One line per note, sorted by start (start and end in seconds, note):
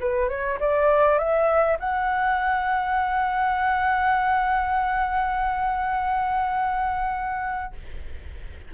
0.00 0.29 B4
0.29 0.59 C#5
0.60 1.18 D5
1.18 1.78 E5
1.80 7.74 F#5